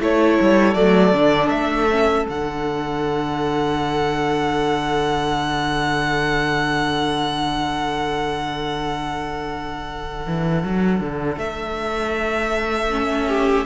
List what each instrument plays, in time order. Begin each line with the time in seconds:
0.00 cello A3, viola E4, violin A4 C#5
0.41 cello G3
0.74 cello F#3, viola A3, violin D5
1.12 cello D3, viola D4
1.50 cello A3, violin E5
1.91 viola C#4
2.29 cello D3, viola D4, violin F#5
10.26 cello E3
10.63 cello F#3
11.01 cello D3
11.37 cello A3, violin E5
12.91 viola C#4
13.28 violin G4